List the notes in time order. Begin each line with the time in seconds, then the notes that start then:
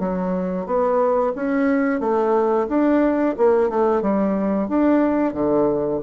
0.00 F#3
0.66 B3
1.36 C#4
2.01 A3
2.69 D4
3.38 A#3
3.70 A3
4.02 G3
4.68 D4
5.34 D3